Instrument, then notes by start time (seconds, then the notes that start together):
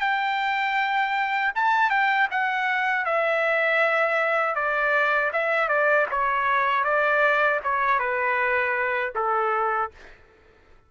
trumpet
0.00 G5
1.55 A5
1.90 G5
2.31 F#5
3.05 E5
4.55 D5
5.32 E5
5.68 D5
6.10 C#5
6.84 D5
7.63 C#5
7.99 B4
9.15 A4